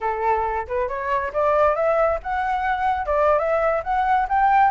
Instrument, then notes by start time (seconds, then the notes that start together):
flute
0.01 A4
0.67 B4
0.88 C#5
1.33 D5
1.75 E5
2.22 F#5
3.06 D5
3.38 E5
3.83 F#5
4.29 G5